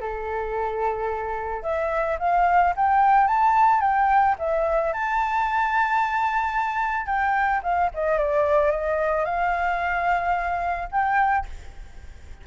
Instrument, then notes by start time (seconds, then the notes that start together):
flute
0.00 A4
1.63 E5
2.19 F5
2.76 G5
3.28 A5
3.81 G5
4.39 E5
4.93 A5
7.06 G5
7.63 F5
7.94 D#5
8.18 D5
8.71 D#5
9.25 F5
10.91 G5